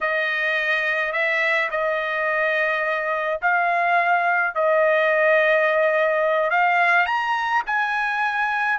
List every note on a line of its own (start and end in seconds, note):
0.01 1.12 D#5
1.12 1.69 E5
1.70 3.40 D#5
3.41 4.54 F5
4.55 6.50 D#5
6.50 7.06 F5
7.06 7.62 A#5
7.66 8.78 G#5